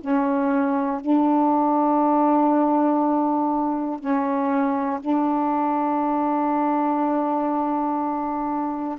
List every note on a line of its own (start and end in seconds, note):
0.00 1.00 C#4
1.00 4.00 D4
4.00 5.00 C#4
5.00 8.99 D4